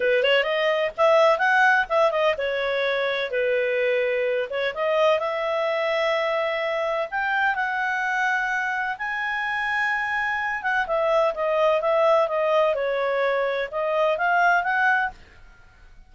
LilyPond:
\new Staff \with { instrumentName = "clarinet" } { \time 4/4 \tempo 4 = 127 b'8 cis''8 dis''4 e''4 fis''4 | e''8 dis''8 cis''2 b'4~ | b'4. cis''8 dis''4 e''4~ | e''2. g''4 |
fis''2. gis''4~ | gis''2~ gis''8 fis''8 e''4 | dis''4 e''4 dis''4 cis''4~ | cis''4 dis''4 f''4 fis''4 | }